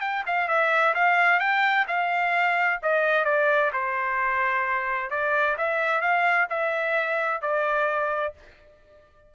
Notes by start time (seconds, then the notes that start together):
0.00 G5
0.26 F5
0.48 E5
0.94 F5
1.39 G5
1.87 F5
2.82 D#5
3.25 D5
3.73 C5
5.10 D5
5.57 E5
6.01 F5
6.50 E5
7.41 D5